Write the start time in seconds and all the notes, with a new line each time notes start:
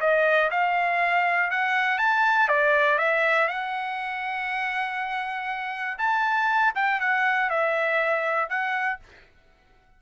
0.00 D#5
0.50 F5
1.50 F#5
1.98 A5
2.48 D5
2.98 E5
3.48 F#5
5.98 A5
6.75 G5
7.00 F#5
7.49 E5
8.49 F#5